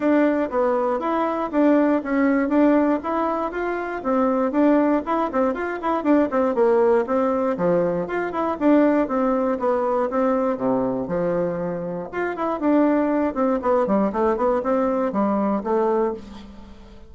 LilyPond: \new Staff \with { instrumentName = "bassoon" } { \time 4/4 \tempo 4 = 119 d'4 b4 e'4 d'4 | cis'4 d'4 e'4 f'4 | c'4 d'4 e'8 c'8 f'8 e'8 | d'8 c'8 ais4 c'4 f4 |
f'8 e'8 d'4 c'4 b4 | c'4 c4 f2 | f'8 e'8 d'4. c'8 b8 g8 | a8 b8 c'4 g4 a4 | }